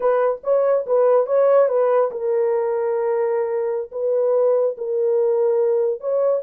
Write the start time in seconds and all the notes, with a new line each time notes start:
0.00 B4
0.43 C#5
0.86 B4
1.26 C#5
1.68 B4
2.11 A#4
3.91 B4
4.77 A#4
6.00 C#5